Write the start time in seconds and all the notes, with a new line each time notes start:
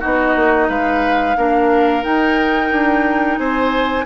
0.00 B3 D#4 F#4 D#5
0.36 A#3
0.69 G#3 B4 F5
1.37 A#3 D4 A#4
2.03 D#4 G5
2.71 D4
3.38 C4 C5 G#5